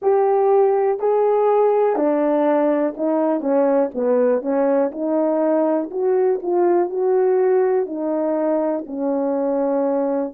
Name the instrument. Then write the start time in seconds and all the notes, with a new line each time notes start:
horn
0.02 G4
0.99 G#4
1.96 D4
2.96 D#4
3.40 C#4
3.94 B3
4.41 C#4
4.91 D#4
5.91 F#4
6.42 F4
6.89 F#4
7.86 D#4
8.86 C#4